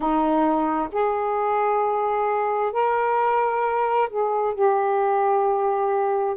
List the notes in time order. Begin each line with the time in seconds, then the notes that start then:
0.00 D#4
0.92 G#4
2.72 A#4
4.09 G#4
4.54 G4